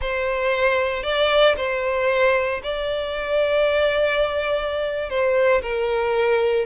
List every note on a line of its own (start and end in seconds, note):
0.01 1.03 C5
1.03 1.55 D5
1.57 2.61 C5
2.63 5.09 D5
5.09 5.61 C5
5.62 6.65 A#4